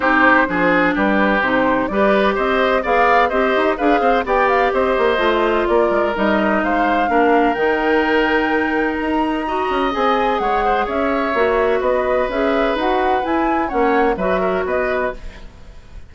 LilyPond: <<
  \new Staff \with { instrumentName = "flute" } { \time 4/4 \tempo 4 = 127 c''2 b'4 c''4 | d''4 dis''4 f''4 dis''4 | f''4 g''8 f''8 dis''2 | d''4 dis''4 f''2 |
g''2. ais''4~ | ais''4 gis''4 fis''4 e''4~ | e''4 dis''4 e''4 fis''4 | gis''4 fis''4 e''4 dis''4 | }
  \new Staff \with { instrumentName = "oboe" } { \time 4/4 g'4 gis'4 g'2 | b'4 c''4 d''4 c''4 | b'8 c''8 d''4 c''2 | ais'2 c''4 ais'4~ |
ais'1 | dis''2 cis''8 c''8 cis''4~ | cis''4 b'2.~ | b'4 cis''4 b'8 ais'8 b'4 | }
  \new Staff \with { instrumentName = "clarinet" } { \time 4/4 dis'4 d'2 dis'4 | g'2 gis'4 g'4 | gis'4 g'2 f'4~ | f'4 dis'2 d'4 |
dis'1 | fis'4 gis'2. | fis'2 gis'4 fis'4 | e'4 cis'4 fis'2 | }
  \new Staff \with { instrumentName = "bassoon" } { \time 4/4 c'4 f4 g4 c4 | g4 c'4 b4 c'8 dis'8 | d'8 c'8 b4 c'8 ais8 a4 | ais8 gis8 g4 gis4 ais4 |
dis2. dis'4~ | dis'8 cis'8 c'4 gis4 cis'4 | ais4 b4 cis'4 dis'4 | e'4 ais4 fis4 b4 | }
>>